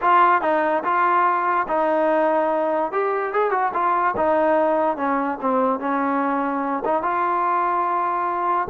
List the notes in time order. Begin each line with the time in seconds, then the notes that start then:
0.01 F4
0.41 D#4
0.84 F4
1.68 D#4
2.92 G4
3.33 G#4
3.50 F#4
3.73 F4
4.16 D#4
4.97 C#4
5.41 C4
5.79 C#4
6.85 D#4
7.02 F4